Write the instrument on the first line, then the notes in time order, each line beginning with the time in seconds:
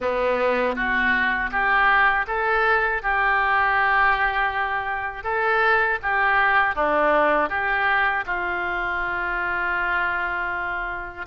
oboe
0.00 B3
0.75 F#4
1.51 G4
2.27 A4
3.02 G4
5.23 A4
6.02 G4
6.75 D4
7.49 G4
8.26 F4